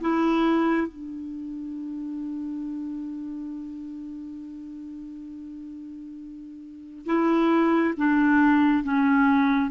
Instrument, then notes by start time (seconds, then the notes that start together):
clarinet
0.00 E4
0.87 D4
7.05 E4
7.97 D4
8.83 C#4